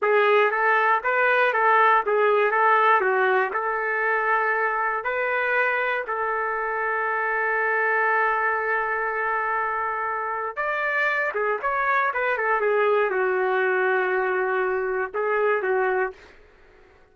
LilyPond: \new Staff \with { instrumentName = "trumpet" } { \time 4/4 \tempo 4 = 119 gis'4 a'4 b'4 a'4 | gis'4 a'4 fis'4 a'4~ | a'2 b'2 | a'1~ |
a'1~ | a'4 d''4. gis'8 cis''4 | b'8 a'8 gis'4 fis'2~ | fis'2 gis'4 fis'4 | }